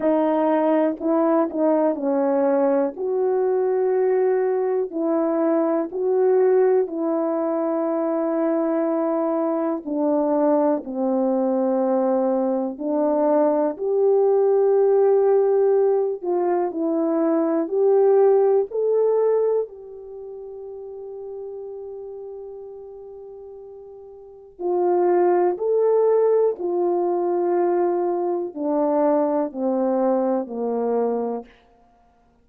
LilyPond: \new Staff \with { instrumentName = "horn" } { \time 4/4 \tempo 4 = 61 dis'4 e'8 dis'8 cis'4 fis'4~ | fis'4 e'4 fis'4 e'4~ | e'2 d'4 c'4~ | c'4 d'4 g'2~ |
g'8 f'8 e'4 g'4 a'4 | g'1~ | g'4 f'4 a'4 f'4~ | f'4 d'4 c'4 ais4 | }